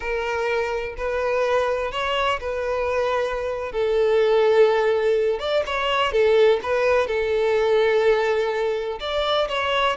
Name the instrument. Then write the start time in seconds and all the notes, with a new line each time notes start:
violin
0.00 A#4
0.97 B4
1.91 C#5
2.40 B4
3.72 A4
5.39 D5
5.65 C#5
6.12 A4
6.62 B4
7.07 A4
9.00 D5
9.48 C#5